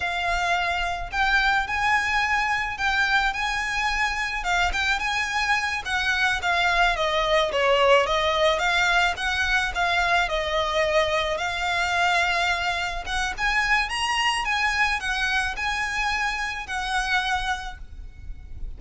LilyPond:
\new Staff \with { instrumentName = "violin" } { \time 4/4 \tempo 4 = 108 f''2 g''4 gis''4~ | gis''4 g''4 gis''2 | f''8 g''8 gis''4. fis''4 f''8~ | f''8 dis''4 cis''4 dis''4 f''8~ |
f''8 fis''4 f''4 dis''4.~ | dis''8 f''2. fis''8 | gis''4 ais''4 gis''4 fis''4 | gis''2 fis''2 | }